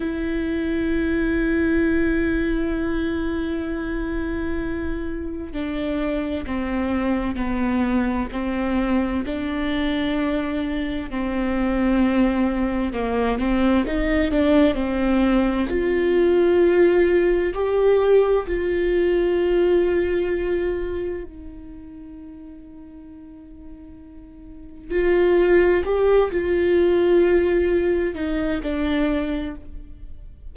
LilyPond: \new Staff \with { instrumentName = "viola" } { \time 4/4 \tempo 4 = 65 e'1~ | e'2 d'4 c'4 | b4 c'4 d'2 | c'2 ais8 c'8 dis'8 d'8 |
c'4 f'2 g'4 | f'2. dis'4~ | dis'2. f'4 | g'8 f'2 dis'8 d'4 | }